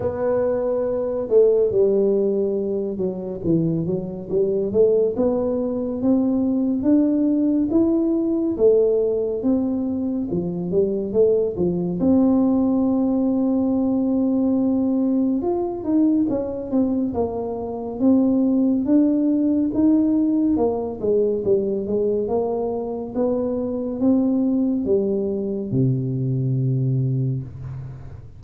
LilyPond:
\new Staff \with { instrumentName = "tuba" } { \time 4/4 \tempo 4 = 70 b4. a8 g4. fis8 | e8 fis8 g8 a8 b4 c'4 | d'4 e'4 a4 c'4 | f8 g8 a8 f8 c'2~ |
c'2 f'8 dis'8 cis'8 c'8 | ais4 c'4 d'4 dis'4 | ais8 gis8 g8 gis8 ais4 b4 | c'4 g4 c2 | }